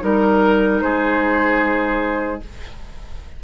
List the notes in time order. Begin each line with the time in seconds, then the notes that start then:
0.00 G3 D#4 A#4
0.81 G#3 G#4 C5